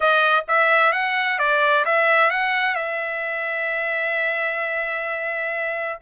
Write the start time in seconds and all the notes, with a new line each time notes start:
0.00 D#5
0.48 E5
0.92 F#5
1.38 D5
1.85 E5
2.30 F#5
2.75 E5